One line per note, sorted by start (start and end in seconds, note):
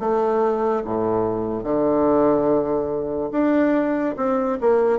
0.00 0.83 A3
0.85 1.64 A2
1.64 3.30 D3
3.32 4.15 D4
4.17 4.59 C4
4.61 4.99 A#3